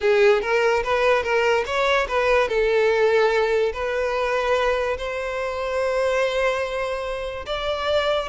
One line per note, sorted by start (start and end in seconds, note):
0.00 0.41 G#4
0.41 0.83 A#4
0.83 1.23 B4
1.23 1.64 A#4
1.66 2.07 C#5
2.07 2.48 B4
2.48 3.72 A4
3.73 4.97 B4
4.97 7.45 C5
7.46 8.28 D5